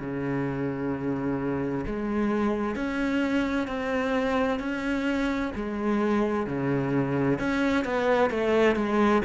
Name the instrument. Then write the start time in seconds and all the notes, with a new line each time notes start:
cello
0.00 C#3
1.86 G#3
2.75 C#4
3.67 C4
4.59 C#4
5.55 G#3
6.46 C#3
7.39 C#4
7.84 B3
8.30 A3
8.76 G#3